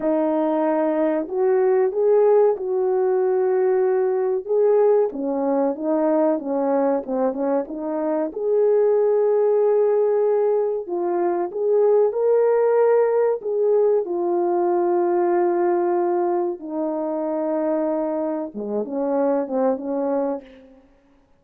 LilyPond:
\new Staff \with { instrumentName = "horn" } { \time 4/4 \tempo 4 = 94 dis'2 fis'4 gis'4 | fis'2. gis'4 | cis'4 dis'4 cis'4 c'8 cis'8 | dis'4 gis'2.~ |
gis'4 f'4 gis'4 ais'4~ | ais'4 gis'4 f'2~ | f'2 dis'2~ | dis'4 gis8 cis'4 c'8 cis'4 | }